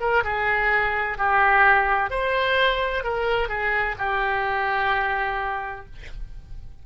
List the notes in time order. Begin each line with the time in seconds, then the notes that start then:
0.00 A#4
0.24 G#4
1.18 G4
2.10 C5
3.04 A#4
3.49 G#4
3.98 G4